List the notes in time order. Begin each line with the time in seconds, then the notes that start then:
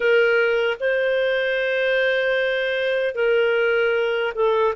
0.00 A#4
0.79 C5
3.14 A#4
4.34 A4